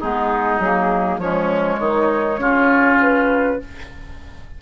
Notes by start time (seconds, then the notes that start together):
0.00 G#3 B3 D#4 G#4
0.59 F#3 A#3
1.18 F3 G#3 C#4 C#5
1.79 D#3 D#4
2.39 C#3 C#4 F4
3.02 B4